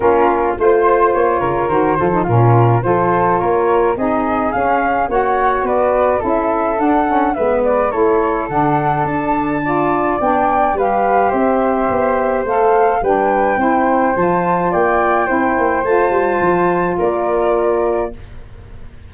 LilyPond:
<<
  \new Staff \with { instrumentName = "flute" } { \time 4/4 \tempo 4 = 106 ais'4 c''4 cis''4 c''4 | ais'4 c''4 cis''4 dis''4 | f''4 fis''4 d''4 e''4 | fis''4 e''8 d''8 cis''4 fis''4 |
a''2 g''4 f''4 | e''2 f''4 g''4~ | g''4 a''4 g''2 | a''2 d''2 | }
  \new Staff \with { instrumentName = "flute" } { \time 4/4 f'4 c''4. ais'4 a'8 | f'4 a'4 ais'4 gis'4~ | gis'4 cis''4 b'4 a'4~ | a'4 b'4 a'2~ |
a'4 d''2 b'4 | c''2. b'4 | c''2 d''4 c''4~ | c''2 ais'2 | }
  \new Staff \with { instrumentName = "saxophone" } { \time 4/4 cis'4 f'2 fis'8 f'16 dis'16 | cis'4 f'2 dis'4 | cis'4 fis'2 e'4 | d'8 cis'8 b4 e'4 d'4~ |
d'4 f'4 d'4 g'4~ | g'2 a'4 d'4 | e'4 f'2 e'4 | f'1 | }
  \new Staff \with { instrumentName = "tuba" } { \time 4/4 ais4 a4 ais8 cis8 dis8 f8 | ais,4 f4 ais4 c'4 | cis'4 ais4 b4 cis'4 | d'4 gis4 a4 d4 |
d'2 b4 g4 | c'4 b4 a4 g4 | c'4 f4 ais4 c'8 ais8 | a8 g8 f4 ais2 | }
>>